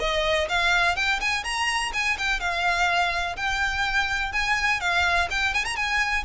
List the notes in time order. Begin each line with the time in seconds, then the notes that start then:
0.00 D#5
0.49 F5
0.96 G5
1.20 G#5
1.44 A#5
1.94 G#5
2.18 G5
2.40 F5
3.37 G5
4.32 G#5
4.81 F5
5.31 G5
5.54 G#5
5.65 A#5
5.76 G#5